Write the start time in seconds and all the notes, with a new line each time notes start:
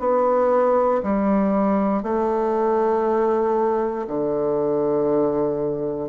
0.00 B3
1.03 G3
2.03 A3
4.07 D3